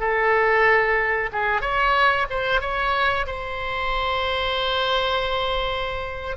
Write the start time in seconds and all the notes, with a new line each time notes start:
0.00 A4
1.33 G#4
1.62 C#5
2.30 C5
2.61 C#5
3.27 C5